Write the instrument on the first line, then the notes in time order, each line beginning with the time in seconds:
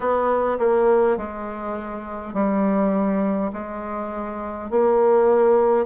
bassoon
0.00 B3
0.58 A#3
1.17 G#3
2.33 G3
3.52 G#3
4.70 A#3